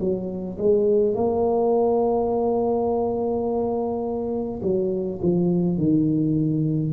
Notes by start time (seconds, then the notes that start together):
0.00 F#3
0.58 G#3
1.14 A#3
4.62 F#3
5.22 F3
5.77 D#3